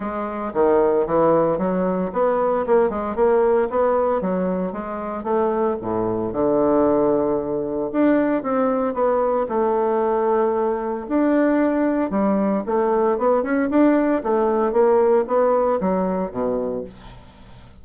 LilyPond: \new Staff \with { instrumentName = "bassoon" } { \time 4/4 \tempo 4 = 114 gis4 dis4 e4 fis4 | b4 ais8 gis8 ais4 b4 | fis4 gis4 a4 a,4 | d2. d'4 |
c'4 b4 a2~ | a4 d'2 g4 | a4 b8 cis'8 d'4 a4 | ais4 b4 fis4 b,4 | }